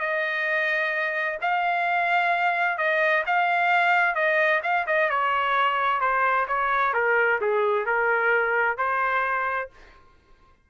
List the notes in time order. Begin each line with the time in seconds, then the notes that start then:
0.00 D#5
1.41 F5
2.78 D#5
3.27 F5
4.15 D#5
4.63 F5
4.87 D#5
5.10 C#5
6.01 C5
6.48 C#5
6.94 A#4
7.41 G#4
7.86 A#4
8.78 C5